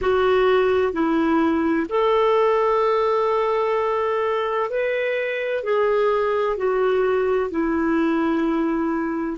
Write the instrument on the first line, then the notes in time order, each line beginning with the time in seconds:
clarinet
0.01 F#4
0.92 E4
1.89 A4
4.70 B4
5.63 G#4
6.56 F#4
7.50 E4